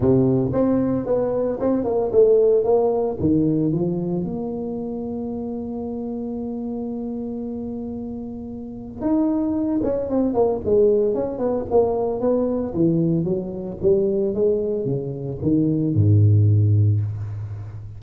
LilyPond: \new Staff \with { instrumentName = "tuba" } { \time 4/4 \tempo 4 = 113 c4 c'4 b4 c'8 ais8 | a4 ais4 dis4 f4 | ais1~ | ais1~ |
ais4 dis'4. cis'8 c'8 ais8 | gis4 cis'8 b8 ais4 b4 | e4 fis4 g4 gis4 | cis4 dis4 gis,2 | }